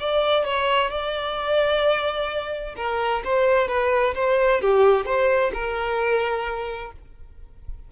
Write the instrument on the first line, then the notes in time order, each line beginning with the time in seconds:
violin
0.00 D5
0.45 C#5
0.91 D5
2.77 A#4
3.25 C5
3.69 B4
4.15 C5
4.61 G4
5.06 C5
5.54 A#4